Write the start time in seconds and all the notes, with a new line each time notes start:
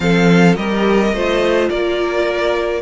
0.00 F3 C4 A4 F5
0.55 G3 G4 A#4 D#5
1.12 A3 F4 C5
1.69 A#3 A#4 D5